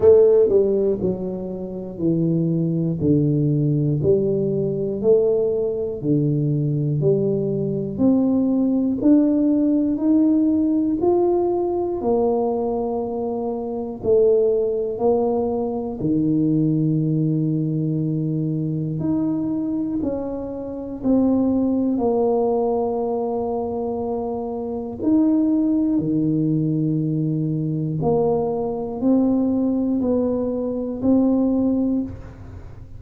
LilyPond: \new Staff \with { instrumentName = "tuba" } { \time 4/4 \tempo 4 = 60 a8 g8 fis4 e4 d4 | g4 a4 d4 g4 | c'4 d'4 dis'4 f'4 | ais2 a4 ais4 |
dis2. dis'4 | cis'4 c'4 ais2~ | ais4 dis'4 dis2 | ais4 c'4 b4 c'4 | }